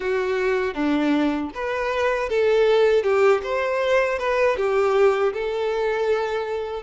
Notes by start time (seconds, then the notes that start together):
0.00 F#4
0.74 D4
1.54 B4
2.29 A4
3.03 G4
3.43 C5
4.18 B4
4.56 G4
5.33 A4